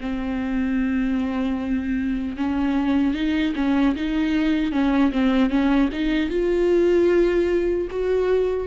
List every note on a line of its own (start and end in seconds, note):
0.00 2.36 C4
2.36 3.14 C#4
3.14 3.53 D#4
3.55 3.95 C#4
3.95 4.72 D#4
4.72 5.11 C#4
5.12 5.49 C4
5.49 5.89 C#4
5.92 6.30 D#4
6.30 7.88 F4
7.90 8.67 F#4